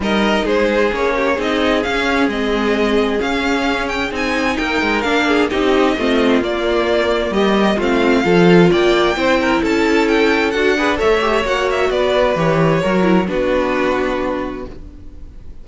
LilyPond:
<<
  \new Staff \with { instrumentName = "violin" } { \time 4/4 \tempo 4 = 131 dis''4 c''4 cis''4 dis''4 | f''4 dis''2 f''4~ | f''8 g''8 gis''4 g''4 f''4 | dis''2 d''2 |
dis''4 f''2 g''4~ | g''4 a''4 g''4 fis''4 | e''4 fis''8 e''8 d''4 cis''4~ | cis''4 b'2. | }
  \new Staff \with { instrumentName = "violin" } { \time 4/4 ais'4 gis'4. g'8 gis'4~ | gis'1~ | gis'2 ais'4. gis'8 | g'4 f'2. |
g'4 f'4 a'4 d''4 | c''8 ais'8 a'2~ a'8 b'8 | cis''2 b'2 | ais'4 fis'2. | }
  \new Staff \with { instrumentName = "viola" } { \time 4/4 dis'2 cis'4 dis'4 | cis'4 c'2 cis'4~ | cis'4 dis'2 d'4 | dis'4 c'4 ais2~ |
ais4 c'4 f'2 | e'2. fis'8 gis'8 | a'8 g'8 fis'2 g'4 | fis'8 e'8 d'2. | }
  \new Staff \with { instrumentName = "cello" } { \time 4/4 g4 gis4 ais4 c'4 | cis'4 gis2 cis'4~ | cis'4 c'4 ais8 gis8 ais4 | c'4 a4 ais2 |
g4 a4 f4 ais4 | c'4 cis'2 d'4 | a4 ais4 b4 e4 | fis4 b2. | }
>>